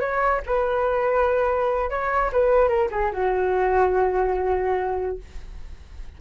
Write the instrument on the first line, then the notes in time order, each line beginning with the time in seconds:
flute
0.00 C#5
0.47 B4
1.90 C#5
2.32 B4
2.68 A#4
2.91 G#4
3.13 F#4